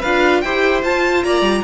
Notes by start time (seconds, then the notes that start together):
0.00 D4 F4 B4 F5
0.41 E4 G4 C5 G5
0.83 F4 A5
1.23 A#3 D5 A#5
1.41 G3